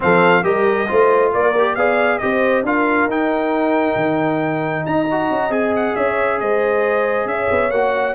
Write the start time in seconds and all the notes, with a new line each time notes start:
0.00 F3 C4 A4 F5
0.43 G3 G4 A#4 D#5
0.87 A3 F4 C5
1.33 A#3 A#4 D5
1.58 G4
1.75 B3 G#4 D5 F5
2.18 C4 G4 C5 D#5
2.62 D4 F4 A#4 F5
3.05 D#4 G5
3.95 D#3
4.86 D#4 D#5 A#5
5.11 F#4
5.30 C#4
5.49 C4 G#4 G#5
5.76 F#5
5.95 C#4 C#5 E5
6.40 G#3 C5 D#5
7.25 C#4 C#5 E5
7.51 B3
7.70 A#3 F#4 F#5